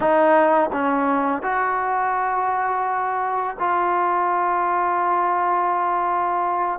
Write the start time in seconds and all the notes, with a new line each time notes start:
0.00 D#4
0.72 C#4
1.42 F#4
3.59 F4